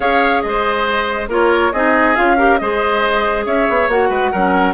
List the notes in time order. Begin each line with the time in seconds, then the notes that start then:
0.00 C#4 G#4 C#5 F5
0.41 G#3 D#5
0.48 C5
1.28 A#3 F4 A#4 C#5
1.72 C4 D#4 G#4 D#5
2.15 C#4 F4 F5
2.37 G4 A#4
2.57 G#3 G#4 C5 D#5
3.45 C#4 C#5 E5
3.69 B3
3.88 A#3 F#4 F#5
4.09 G#3 B4
4.31 F#3 C#4 A#4